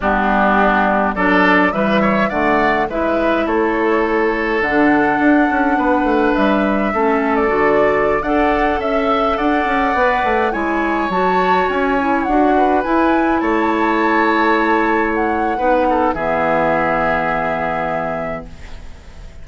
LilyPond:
<<
  \new Staff \with { instrumentName = "flute" } { \time 4/4 \tempo 4 = 104 g'2 d''4 e''4 | fis''4 e''4 cis''2 | fis''2. e''4~ | e''8. d''4. fis''4 e''8.~ |
e''16 fis''2 gis''4 a''8.~ | a''16 gis''4 fis''4 gis''4 a''8.~ | a''2~ a''16 fis''4.~ fis''16 | e''1 | }
  \new Staff \with { instrumentName = "oboe" } { \time 4/4 d'2 a'4 b'8 cis''8 | d''4 b'4 a'2~ | a'2 b'2 | a'2~ a'16 d''4 e''8.~ |
e''16 d''2 cis''4.~ cis''16~ | cis''4.~ cis''16 b'4. cis''8.~ | cis''2. b'8 a'8 | gis'1 | }
  \new Staff \with { instrumentName = "clarinet" } { \time 4/4 b2 d'4 g4 | a4 e'2. | d'1 | cis'4 fis'4~ fis'16 a'4.~ a'16~ |
a'4~ a'16 b'4 e'4 fis'8.~ | fis'8. e'8 fis'4 e'4.~ e'16~ | e'2. dis'4 | b1 | }
  \new Staff \with { instrumentName = "bassoon" } { \time 4/4 g2 fis4 e4 | d4 gis4 a2 | d4 d'8 cis'8 b8 a8 g4 | a4 d4~ d16 d'4 cis'8.~ |
cis'16 d'8 cis'8 b8 a8 gis4 fis8.~ | fis16 cis'4 d'4 e'4 a8.~ | a2. b4 | e1 | }
>>